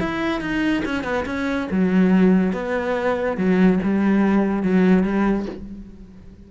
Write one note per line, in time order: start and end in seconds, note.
0.00 0.41 E4
0.41 0.83 D#4
0.85 1.04 C#4
1.04 1.25 B3
1.26 1.68 C#4
1.71 2.53 F#3
2.53 3.37 B3
3.37 3.80 F#3
3.84 4.63 G3
4.63 5.03 F#3
5.03 5.46 G3